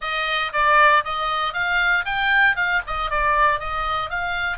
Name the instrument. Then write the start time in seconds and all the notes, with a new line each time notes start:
oboe
0.01 D#5
0.52 D5
1.04 D#5
1.53 F5
2.05 G5
2.55 F5
2.86 D#5
3.10 D5
3.59 D#5
4.10 F5